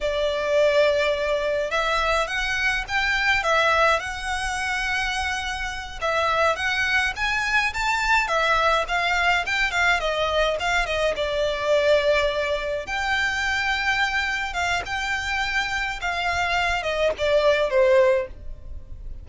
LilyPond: \new Staff \with { instrumentName = "violin" } { \time 4/4 \tempo 4 = 105 d''2. e''4 | fis''4 g''4 e''4 fis''4~ | fis''2~ fis''8 e''4 fis''8~ | fis''8 gis''4 a''4 e''4 f''8~ |
f''8 g''8 f''8 dis''4 f''8 dis''8 d''8~ | d''2~ d''8 g''4.~ | g''4. f''8 g''2 | f''4. dis''8 d''4 c''4 | }